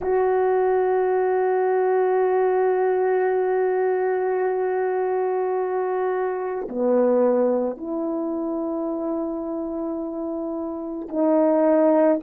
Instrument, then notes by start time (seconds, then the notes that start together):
horn
0.01 F#4
6.69 B3
7.77 E4
11.08 D#4